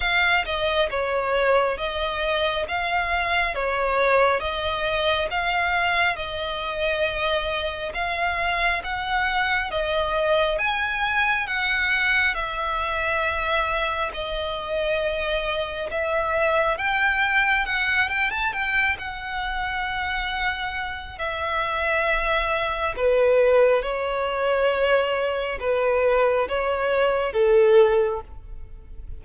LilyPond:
\new Staff \with { instrumentName = "violin" } { \time 4/4 \tempo 4 = 68 f''8 dis''8 cis''4 dis''4 f''4 | cis''4 dis''4 f''4 dis''4~ | dis''4 f''4 fis''4 dis''4 | gis''4 fis''4 e''2 |
dis''2 e''4 g''4 | fis''8 g''16 a''16 g''8 fis''2~ fis''8 | e''2 b'4 cis''4~ | cis''4 b'4 cis''4 a'4 | }